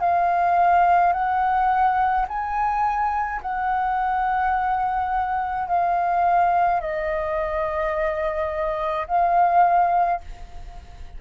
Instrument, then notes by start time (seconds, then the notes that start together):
flute
0.00 F5
1.13 F#5
2.28 G#5
3.42 F#5
5.68 F5
6.80 D#5
9.07 F5